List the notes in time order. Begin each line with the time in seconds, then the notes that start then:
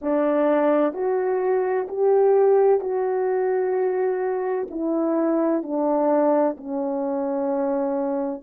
0.01 D4
0.93 F#4
1.87 G4
2.80 F#4
4.70 E4
5.62 D4
6.57 C#4